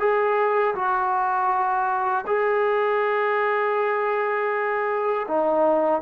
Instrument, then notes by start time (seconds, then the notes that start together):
trombone
0.00 G#4
0.75 F#4
2.27 G#4
5.28 D#4